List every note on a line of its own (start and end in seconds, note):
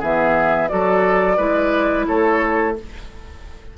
0.00 0.71 E3
0.00 0.69 B3
0.00 0.69 G#4
0.00 0.69 E5
0.69 1.38 F#3
0.69 1.38 F#4
0.69 1.37 A4
0.69 2.07 D5
1.37 2.07 G#3
1.37 2.76 E4
1.37 2.06 B4
2.07 2.78 A3
2.07 2.77 A4
2.07 2.76 C#5